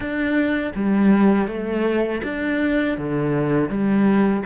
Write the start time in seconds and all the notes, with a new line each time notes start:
0.00 D4
0.75 G3
1.47 A3
2.23 D4
2.97 D3
3.69 G3